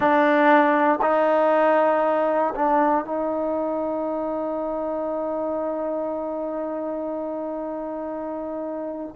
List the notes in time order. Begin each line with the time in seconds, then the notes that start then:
0.00 D4
1.01 D#4
2.55 D4
3.05 D#4